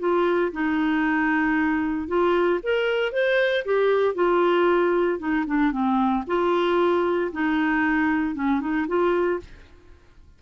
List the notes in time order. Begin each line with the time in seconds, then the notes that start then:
0.00 F4
0.52 D#4
2.08 F4
2.63 A#4
3.13 C5
3.65 G4
4.15 F4
5.19 D#4
5.47 D4
5.72 C4
6.28 F4
7.32 D#4
8.35 C#4
8.61 D#4
8.88 F4